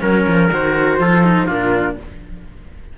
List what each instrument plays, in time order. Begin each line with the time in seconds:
0.00 cello F#3 C#4, flute A#4, trumpet A#4
0.27 cello F3
0.51 cello D#3 F#4, flute C5
0.99 cello F3 F4, trumpet A4
1.23 cello D#4
1.46 cello A#2 D4, trumpet F4, flute A#4